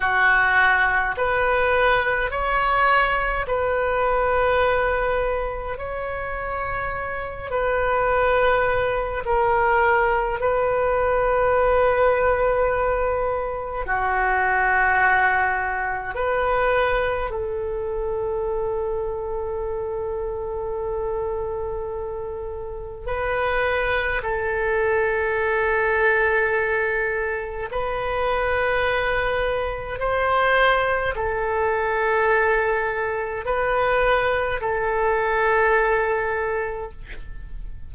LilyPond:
\new Staff \with { instrumentName = "oboe" } { \time 4/4 \tempo 4 = 52 fis'4 b'4 cis''4 b'4~ | b'4 cis''4. b'4. | ais'4 b'2. | fis'2 b'4 a'4~ |
a'1 | b'4 a'2. | b'2 c''4 a'4~ | a'4 b'4 a'2 | }